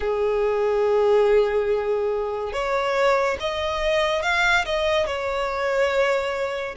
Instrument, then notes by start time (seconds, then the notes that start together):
violin
0.00 G#4
2.52 C#5
3.40 D#5
4.22 F5
4.65 D#5
5.06 C#5